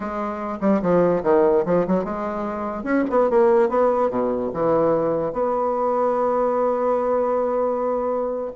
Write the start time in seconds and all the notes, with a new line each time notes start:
0.00 G#3
0.60 G3
0.81 F3
1.23 D#3
1.65 F3
1.87 F#3
2.04 G#3
2.83 C#4
3.09 B3
3.30 A#3
3.69 B3
4.09 B2
4.53 E3
5.32 B3